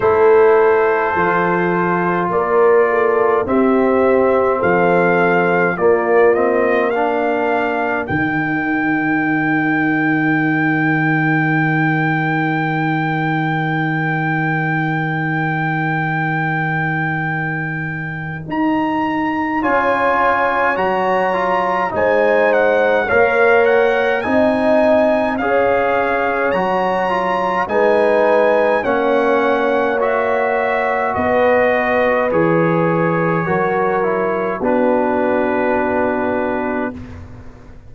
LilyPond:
<<
  \new Staff \with { instrumentName = "trumpet" } { \time 4/4 \tempo 4 = 52 c''2 d''4 e''4 | f''4 d''8 dis''8 f''4 g''4~ | g''1~ | g''1 |
ais''4 gis''4 ais''4 gis''8 fis''8 | f''8 fis''8 gis''4 f''4 ais''4 | gis''4 fis''4 e''4 dis''4 | cis''2 b'2 | }
  \new Staff \with { instrumentName = "horn" } { \time 4/4 a'2 ais'8 a'8 g'4 | a'4 f'4 ais'2~ | ais'1~ | ais'1~ |
ais'4 cis''2 c''4 | cis''4 dis''4 cis''2 | b'4 cis''2 b'4~ | b'4 ais'4 fis'2 | }
  \new Staff \with { instrumentName = "trombone" } { \time 4/4 e'4 f'2 c'4~ | c'4 ais8 c'8 d'4 dis'4~ | dis'1~ | dis'1~ |
dis'4 f'4 fis'8 f'8 dis'4 | ais'4 dis'4 gis'4 fis'8 f'8 | dis'4 cis'4 fis'2 | gis'4 fis'8 e'8 d'2 | }
  \new Staff \with { instrumentName = "tuba" } { \time 4/4 a4 f4 ais4 c'4 | f4 ais2 dis4~ | dis1~ | dis1 |
dis'4 cis'4 fis4 gis4 | ais4 c'4 cis'4 fis4 | gis4 ais2 b4 | e4 fis4 b2 | }
>>